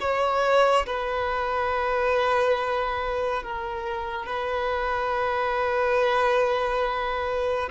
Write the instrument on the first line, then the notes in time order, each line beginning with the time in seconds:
violin
0.00 C#5
0.86 B4
3.43 A#4
4.26 B4